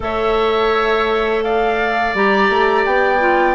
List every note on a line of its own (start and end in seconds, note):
0.00 2.14 A3
0.00 2.12 A4
0.00 1.43 C#5
0.00 1.43 E5
1.43 3.54 D5
1.43 2.14 F5
2.14 2.49 G3
2.14 3.19 G4
2.14 2.85 A#5
2.49 2.85 A3
2.85 3.54 B3
2.85 3.54 G5
3.19 3.54 F4